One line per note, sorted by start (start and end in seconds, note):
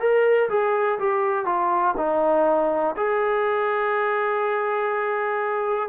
0.00 0.49 A#4
0.50 0.99 G#4
0.99 1.46 G4
1.46 1.95 F4
1.97 2.96 D#4
2.97 5.89 G#4